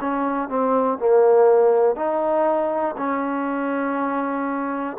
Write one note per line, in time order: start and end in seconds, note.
0.00 0.49 C#4
0.49 0.98 C4
0.98 1.95 A#3
1.95 2.95 D#4
2.97 4.97 C#4